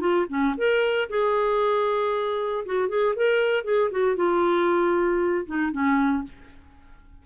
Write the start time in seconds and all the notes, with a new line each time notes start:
0.00 F4
0.29 C#4
0.57 A#4
1.09 G#4
2.65 F#4
2.88 G#4
3.16 A#4
3.64 G#4
3.91 F#4
4.16 F4
5.46 D#4
5.72 C#4